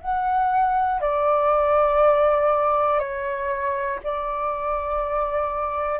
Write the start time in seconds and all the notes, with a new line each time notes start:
0.00 F#5
1.00 D5
2.99 C#5
4.03 D5